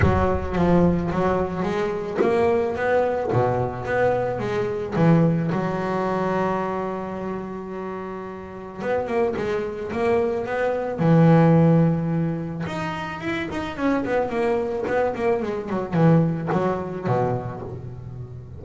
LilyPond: \new Staff \with { instrumentName = "double bass" } { \time 4/4 \tempo 4 = 109 fis4 f4 fis4 gis4 | ais4 b4 b,4 b4 | gis4 e4 fis2~ | fis1 |
b8 ais8 gis4 ais4 b4 | e2. dis'4 | e'8 dis'8 cis'8 b8 ais4 b8 ais8 | gis8 fis8 e4 fis4 b,4 | }